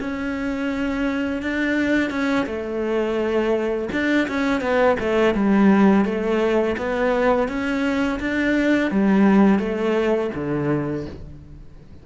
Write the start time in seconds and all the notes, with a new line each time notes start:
0.00 C#4
1.42 D4
2.10 C#4
2.46 A3
3.92 D4
4.28 C#4
4.61 B3
4.99 A3
5.34 G3
6.05 A3
6.77 B3
7.48 C#4
8.19 D4
8.91 G3
9.59 A3
10.34 D3